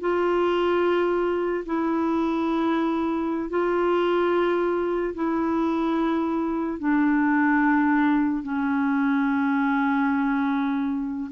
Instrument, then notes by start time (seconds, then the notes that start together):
clarinet
0.00 F4
1.65 E4
3.49 F4
5.14 E4
6.78 D4
8.42 C#4